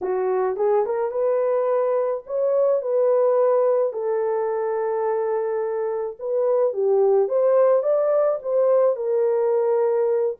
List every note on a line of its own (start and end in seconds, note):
0.01 0.56 F#4
0.56 0.84 G#4
0.85 1.11 A#4
1.11 2.23 B4
2.26 2.82 C#5
2.82 3.92 B4
3.92 6.17 A4
6.19 6.73 B4
6.73 7.28 G4
7.28 7.82 C5
7.82 8.39 D5
8.42 8.96 C5
8.96 10.36 A#4